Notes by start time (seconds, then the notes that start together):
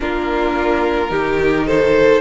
0.00 A#3 D4 F4 A#4
1.09 D#3 D#4 G4
1.66 A4 C5